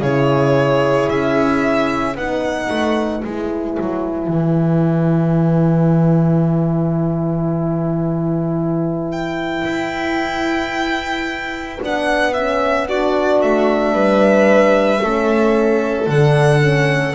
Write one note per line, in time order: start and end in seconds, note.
0.00 1.07 C#3
0.00 2.16 E4
0.00 2.16 G#4
0.00 1.10 C#5
1.10 2.15 C#4
1.10 2.17 E5
2.15 2.69 B3
2.15 3.25 D#4
2.15 12.87 B4
2.15 3.25 F#5
2.70 3.24 A3
3.25 3.78 G#3
3.25 11.81 E4
3.25 9.12 G#5
3.80 4.28 F#3
4.28 9.64 E3
9.12 11.80 G5
9.65 11.79 E4
11.81 13.43 B3
11.81 12.35 D4
11.81 12.34 F#5
12.34 12.89 C#4
12.34 12.87 E5
12.89 15.01 D4
12.89 13.94 F#4
12.89 13.42 D5
13.42 13.94 A3
13.42 16.09 E5
13.94 15.01 G3
13.94 15.01 B4
15.01 16.07 A3
15.01 16.08 C#4
15.01 17.16 A4
16.07 17.15 D3
16.07 16.61 D4
16.07 17.16 F#5
16.61 17.15 C#4